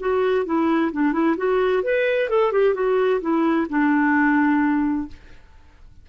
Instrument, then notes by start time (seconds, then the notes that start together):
clarinet
0.00 F#4
0.46 E4
0.92 D4
1.13 E4
1.37 F#4
1.83 B4
2.29 A4
2.53 G4
2.74 F#4
3.21 E4
3.69 D4